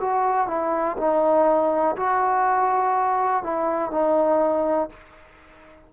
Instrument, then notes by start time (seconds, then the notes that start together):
trombone
0.00 F#4
0.47 E4
0.97 D#4
1.96 F#4
3.43 E4
3.91 D#4